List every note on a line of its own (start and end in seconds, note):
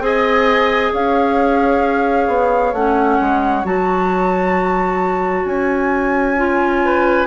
0.00 0.91 C4
0.00 2.74 G#4
0.00 0.93 D#5
0.00 0.93 G#5
0.93 2.28 C#4
0.93 6.84 C#5
0.93 2.74 F5
2.28 2.73 B3
2.73 3.19 A3
2.73 3.65 C#4
2.73 3.65 F#5
3.20 3.64 G#3
3.64 5.45 F#3
3.64 6.38 F#4
3.64 5.46 A5
5.45 7.27 C#4
5.45 7.27 G#5
6.38 7.27 F4
6.85 7.27 B4